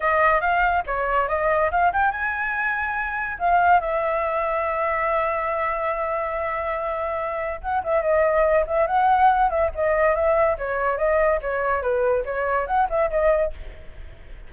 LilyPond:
\new Staff \with { instrumentName = "flute" } { \time 4/4 \tempo 4 = 142 dis''4 f''4 cis''4 dis''4 | f''8 g''8 gis''2. | f''4 e''2.~ | e''1~ |
e''2 fis''8 e''8 dis''4~ | dis''8 e''8 fis''4. e''8 dis''4 | e''4 cis''4 dis''4 cis''4 | b'4 cis''4 fis''8 e''8 dis''4 | }